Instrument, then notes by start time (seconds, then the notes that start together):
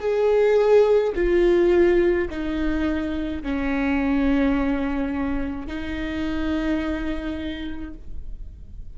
viola
0.00 G#4
1.16 F4
2.31 D#4
3.43 C#4
5.68 D#4